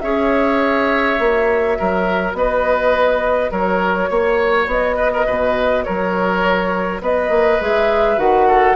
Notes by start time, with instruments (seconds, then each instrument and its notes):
0.00 bassoon C#4, clarinet G#4, oboe C#5, flute E5
1.17 bassoon A#3, clarinet F#4
1.78 bassoon F#3, oboe A#4
2.33 bassoon B3, oboe B4, flute D#5
3.51 bassoon F#3, oboe A#4, flute C#5
4.10 bassoon A#3, oboe C#5
4.67 bassoon B3, flute D#5
4.96 oboe B4
5.13 oboe A#4
5.26 bassoon B2, oboe B4
5.84 bassoon F#3, oboe A#4, flute C#5
7.01 bassoon B3, oboe B4, flute D#5
7.29 bassoon A#3
7.60 bassoon G#3, clarinet G#4, flute E5
8.17 bassoon D#3, clarinet F#4, flute F#5
8.47 oboe A4